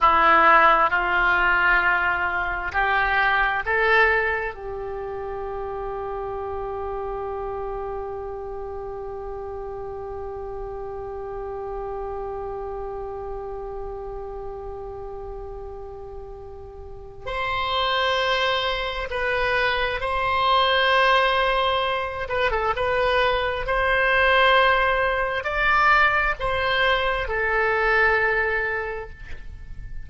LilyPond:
\new Staff \with { instrumentName = "oboe" } { \time 4/4 \tempo 4 = 66 e'4 f'2 g'4 | a'4 g'2.~ | g'1~ | g'1~ |
g'2. c''4~ | c''4 b'4 c''2~ | c''8 b'16 a'16 b'4 c''2 | d''4 c''4 a'2 | }